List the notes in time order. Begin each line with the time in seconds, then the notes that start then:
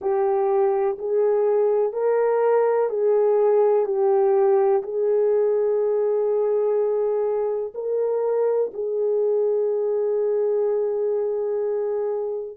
0.00 G4
0.98 G#4
1.92 A#4
2.89 G#4
3.85 G4
4.83 G#4
7.74 A#4
8.73 G#4